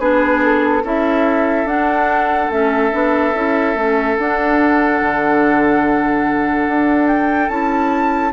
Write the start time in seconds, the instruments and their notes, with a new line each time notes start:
0.00 bassoon B3, clarinet D4, oboe G#4, flute B4
0.44 flute A4
0.84 bassoon C#4, clarinet E4, oboe A4, flute E5
1.65 bassoon D4, clarinet D4, flute F#5
2.50 bassoon A3, clarinet C#4, flute E5
2.92 bassoon B3, clarinet D4
3.35 bassoon C#4, clarinet E4
3.75 bassoon A3, clarinet C#4
4.17 clarinet D4, bassoon D4, flute F#5
5.02 bassoon D3
6.68 bassoon D4
7.08 flute G5
7.49 bassoon C#4, clarinet E4, flute A5